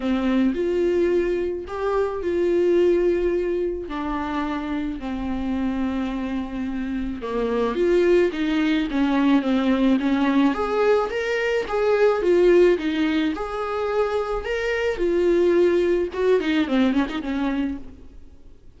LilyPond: \new Staff \with { instrumentName = "viola" } { \time 4/4 \tempo 4 = 108 c'4 f'2 g'4 | f'2. d'4~ | d'4 c'2.~ | c'4 ais4 f'4 dis'4 |
cis'4 c'4 cis'4 gis'4 | ais'4 gis'4 f'4 dis'4 | gis'2 ais'4 f'4~ | f'4 fis'8 dis'8 c'8 cis'16 dis'16 cis'4 | }